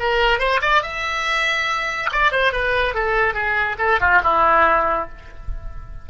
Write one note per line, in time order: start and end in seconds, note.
0.00 0.39 A#4
0.39 0.61 C5
0.62 0.83 D5
0.83 2.10 E5
2.12 2.32 D5
2.32 2.53 C5
2.53 2.95 B4
2.95 3.34 A4
3.34 3.77 G#4
3.79 4.00 A4
4.01 4.22 F4
4.24 5.09 E4